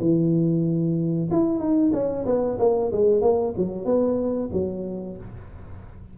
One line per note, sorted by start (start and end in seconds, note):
0.00 1.29 E3
1.31 1.59 E4
1.59 1.91 D#4
1.93 2.25 C#4
2.26 2.58 B3
2.59 2.91 A#3
2.92 3.21 G#3
3.21 3.53 A#3
3.57 3.85 F#3
3.85 4.49 B3
4.52 5.17 F#3